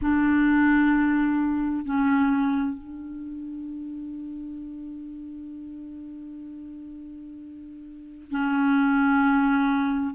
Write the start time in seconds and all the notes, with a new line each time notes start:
0.01 D4
1.85 C#4
2.77 D4
8.30 C#4